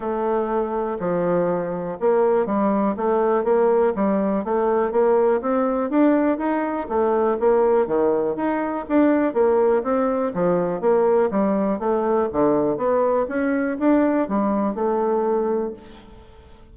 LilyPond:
\new Staff \with { instrumentName = "bassoon" } { \time 4/4 \tempo 4 = 122 a2 f2 | ais4 g4 a4 ais4 | g4 a4 ais4 c'4 | d'4 dis'4 a4 ais4 |
dis4 dis'4 d'4 ais4 | c'4 f4 ais4 g4 | a4 d4 b4 cis'4 | d'4 g4 a2 | }